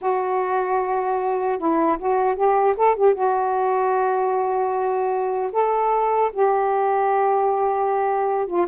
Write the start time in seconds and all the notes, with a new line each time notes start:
0.01 F#4
1.58 E4
1.98 F#4
2.35 G4
2.76 A4
2.95 G4
3.14 F#4
5.52 A4
6.33 G4
8.47 F4